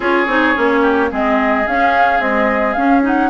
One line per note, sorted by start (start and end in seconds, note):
0.00 0.26 C#4
0.00 0.27 F4
0.00 0.80 G#4
0.00 1.13 C#5
0.26 0.54 C4
0.26 0.54 D#4
0.54 1.11 A#3
0.54 1.10 C#4
0.82 1.09 G4
1.10 1.66 G#3
1.10 1.65 C4
1.10 3.30 G#4
1.10 1.67 D#5
1.67 2.19 C#4
1.67 2.21 F5
2.19 2.74 G#3
2.19 2.74 C4
2.19 2.73 D#5
2.73 3.02 C#4
2.73 3.30 C#4
2.73 3.00 F5
3.02 3.29 D#4
3.02 3.30 F#5